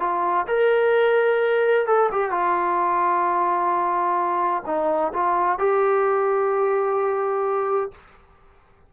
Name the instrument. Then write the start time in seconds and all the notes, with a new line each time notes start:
trombone
0.00 F4
0.48 A#4
1.87 A4
2.12 G4
2.32 F4
4.67 D#4
5.14 F4
5.59 G4